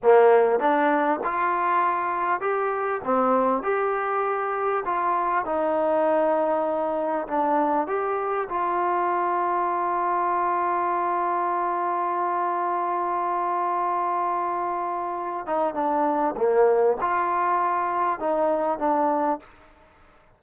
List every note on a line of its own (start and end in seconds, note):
0.02 0.59 A#3
0.59 1.20 D4
1.24 2.40 F4
2.40 3.01 G4
3.04 3.62 C4
3.62 4.83 G4
4.85 5.45 F4
5.45 7.27 D#4
7.27 7.87 D4
7.87 8.48 G4
8.49 15.46 F4
15.46 15.74 D#4
15.74 16.35 D4
16.36 16.97 A#3
17.00 18.19 F4
18.19 18.79 D#4
18.79 19.39 D4